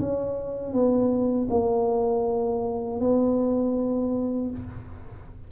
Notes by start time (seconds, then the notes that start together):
0.00 C#4
0.73 B3
1.50 A#3
3.00 B3